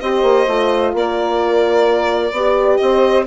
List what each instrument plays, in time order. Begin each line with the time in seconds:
0.00 bassoon C4, horn G4, saxophone C5, violin D#5
0.23 bassoon A#3
0.47 bassoon A3, horn F4
0.94 bassoon A#3, saxophone A#4, violin D5
2.31 bassoon B3, horn G4, saxophone D5
2.77 bassoon C4, violin D#5
2.83 saxophone C5